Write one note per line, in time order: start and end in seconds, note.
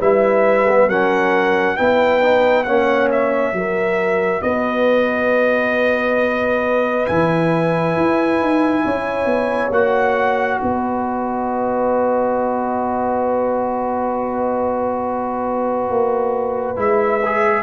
0.00 0.88 G3
0.00 0.67 E4
0.00 0.88 B4
0.00 0.90 E5
0.69 0.90 B3
0.88 1.76 F#3
0.88 1.77 C#4
0.88 1.76 A#4
0.88 1.77 F#5
1.77 2.67 B3
1.77 2.21 E4
1.77 2.65 B4
1.77 2.64 G5
2.21 2.65 D#4
2.64 3.53 A#3
2.64 3.55 C#4
2.64 3.54 C#5
2.64 3.08 F#5
3.12 4.42 E5
3.53 4.41 F#3
3.53 7.06 F#4
3.53 4.43 A#4
4.42 7.08 B3
4.42 8.84 B4
4.42 7.07 D#5
7.06 7.97 E3
7.06 9.71 E4
7.06 9.72 G#5
7.97 8.40 E4
8.40 8.85 D#4
8.85 9.26 C#4
8.85 10.61 C#5
9.26 9.70 B3
9.71 10.59 A#3
9.71 16.76 F#4
9.71 10.61 F#5
10.61 15.90 B3
10.61 17.63 B4
10.61 16.79 D#5
15.90 16.77 A#3
16.76 17.63 G#3
16.76 17.20 E4
16.76 17.63 E5
17.26 17.63 G#4